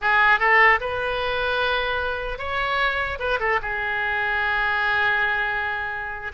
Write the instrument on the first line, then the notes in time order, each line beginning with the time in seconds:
oboe
0.01 G#4
0.39 A4
0.80 B4
2.38 C#5
3.19 B4
3.39 A4
3.61 G#4